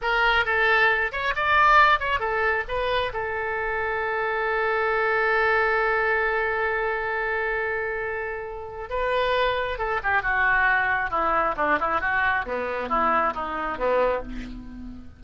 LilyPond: \new Staff \with { instrumentName = "oboe" } { \time 4/4 \tempo 4 = 135 ais'4 a'4. cis''8 d''4~ | d''8 cis''8 a'4 b'4 a'4~ | a'1~ | a'1~ |
a'1 | b'2 a'8 g'8 fis'4~ | fis'4 e'4 d'8 e'8 fis'4 | b4 e'4 dis'4 b4 | }